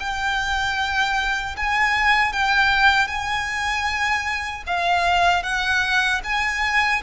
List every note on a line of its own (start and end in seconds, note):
0.00 1.56 G5
1.57 2.33 G#5
2.33 3.07 G5
3.07 4.63 G#5
4.67 5.43 F5
5.43 6.21 F#5
6.24 7.02 G#5